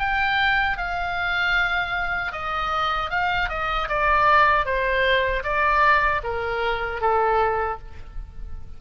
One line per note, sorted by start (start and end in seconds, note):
0.00 0.78 G5
0.78 2.32 F5
2.32 3.10 D#5
3.10 3.49 F5
3.50 3.89 D#5
3.89 4.66 D5
4.66 5.44 C5
5.44 6.22 D5
6.23 7.01 A#4
7.01 7.79 A4